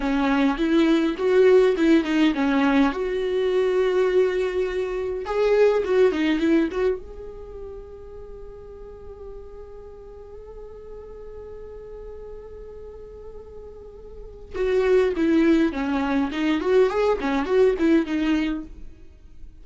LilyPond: \new Staff \with { instrumentName = "viola" } { \time 4/4 \tempo 4 = 103 cis'4 e'4 fis'4 e'8 dis'8 | cis'4 fis'2.~ | fis'4 gis'4 fis'8 dis'8 e'8 fis'8 | gis'1~ |
gis'1~ | gis'1~ | gis'4 fis'4 e'4 cis'4 | dis'8 fis'8 gis'8 cis'8 fis'8 e'8 dis'4 | }